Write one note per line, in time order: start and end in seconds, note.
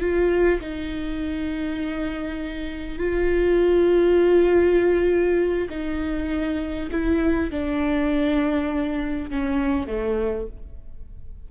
0.00 0.60 F4
0.61 2.99 D#4
2.99 5.69 F4
5.70 6.90 D#4
6.91 7.51 E4
7.51 9.31 D4
9.31 9.87 C#4
9.87 10.47 A3